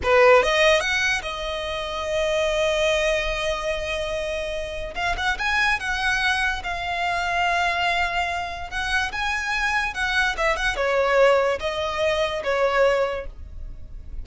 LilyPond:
\new Staff \with { instrumentName = "violin" } { \time 4/4 \tempo 4 = 145 b'4 dis''4 fis''4 dis''4~ | dis''1~ | dis''1 | f''8 fis''8 gis''4 fis''2 |
f''1~ | f''4 fis''4 gis''2 | fis''4 e''8 fis''8 cis''2 | dis''2 cis''2 | }